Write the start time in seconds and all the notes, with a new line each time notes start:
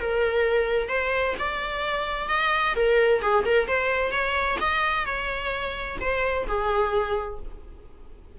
0.00 A#4
0.89 C5
1.39 D5
2.29 D#5
2.76 A#4
3.22 G#4
3.46 A#4
3.68 C5
4.12 C#5
4.61 D#5
5.06 C#5
6.01 C5
6.48 G#4